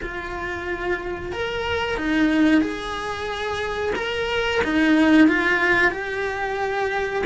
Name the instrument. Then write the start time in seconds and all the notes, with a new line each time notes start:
cello
0.02 F4
1.32 A#4
1.97 D#4
2.61 G#4
3.95 A#4
4.63 D#4
5.27 F4
5.91 G4